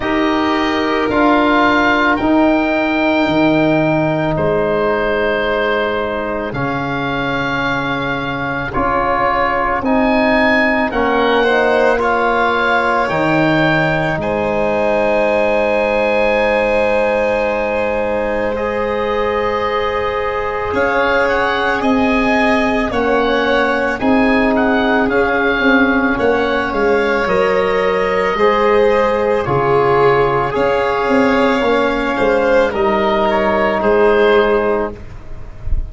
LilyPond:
<<
  \new Staff \with { instrumentName = "oboe" } { \time 4/4 \tempo 4 = 55 dis''4 f''4 g''2 | c''2 f''2 | cis''4 gis''4 fis''4 f''4 | g''4 gis''2.~ |
gis''4 dis''2 f''8 fis''8 | gis''4 fis''4 gis''8 fis''8 f''4 | fis''8 f''8 dis''2 cis''4 | f''2 dis''8 cis''8 c''4 | }
  \new Staff \with { instrumentName = "violin" } { \time 4/4 ais'1 | gis'1~ | gis'2 ais'8 c''8 cis''4~ | cis''4 c''2.~ |
c''2. cis''4 | dis''4 cis''4 gis'2 | cis''2 c''4 gis'4 | cis''4. c''8 ais'4 gis'4 | }
  \new Staff \with { instrumentName = "trombone" } { \time 4/4 g'4 f'4 dis'2~ | dis'2 cis'2 | f'4 dis'4 cis'8 dis'8 f'4 | dis'1~ |
dis'4 gis'2.~ | gis'4 cis'4 dis'4 cis'4~ | cis'4 ais'4 gis'4 f'4 | gis'4 cis'4 dis'2 | }
  \new Staff \with { instrumentName = "tuba" } { \time 4/4 dis'4 d'4 dis'4 dis4 | gis2 cis2 | cis'4 c'4 ais2 | dis4 gis2.~ |
gis2. cis'4 | c'4 ais4 c'4 cis'8 c'8 | ais8 gis8 fis4 gis4 cis4 | cis'8 c'8 ais8 gis8 g4 gis4 | }
>>